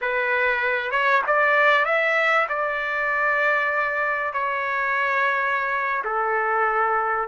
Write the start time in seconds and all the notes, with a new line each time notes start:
0.01 B4
0.91 C#5
1.26 D5
1.85 E5
2.48 D5
4.33 C#5
6.04 A4